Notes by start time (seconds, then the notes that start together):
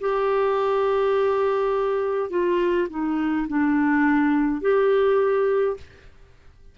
0.00 G4
2.30 F4
2.90 D#4
3.48 D4
4.62 G4